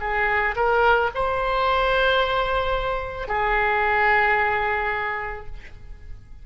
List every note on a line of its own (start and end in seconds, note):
0.00 0.55 G#4
0.56 1.10 A#4
1.14 3.28 C5
3.28 5.46 G#4